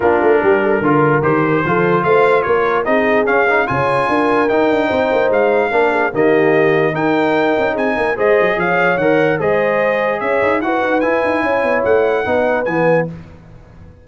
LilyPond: <<
  \new Staff \with { instrumentName = "trumpet" } { \time 4/4 \tempo 4 = 147 ais'2. c''4~ | c''4 f''4 cis''4 dis''4 | f''4 gis''2 g''4~ | g''4 f''2 dis''4~ |
dis''4 g''2 gis''4 | dis''4 f''4 fis''4 dis''4~ | dis''4 e''4 fis''4 gis''4~ | gis''4 fis''2 gis''4 | }
  \new Staff \with { instrumentName = "horn" } { \time 4/4 f'4 g'8 a'8 ais'2 | a'4 c''4 ais'4 gis'4~ | gis'4 cis''4 ais'2 | c''2 ais'8 gis'8 g'4~ |
g'4 ais'2 gis'8 ais'8 | c''4 cis''2 c''4~ | c''4 cis''4 b'2 | cis''2 b'2 | }
  \new Staff \with { instrumentName = "trombone" } { \time 4/4 d'2 f'4 g'4 | f'2. dis'4 | cis'8 dis'8 f'2 dis'4~ | dis'2 d'4 ais4~ |
ais4 dis'2. | gis'2 ais'4 gis'4~ | gis'2 fis'4 e'4~ | e'2 dis'4 b4 | }
  \new Staff \with { instrumentName = "tuba" } { \time 4/4 ais8 a8 g4 d4 dis4 | f4 a4 ais4 c'4 | cis'4 cis4 d'4 dis'8 d'8 | c'8 ais8 gis4 ais4 dis4~ |
dis4 dis'4. cis'8 c'8 ais8 | gis8 fis8 f4 dis4 gis4~ | gis4 cis'8 dis'8 e'8 dis'8 e'8 dis'8 | cis'8 b8 a4 b4 e4 | }
>>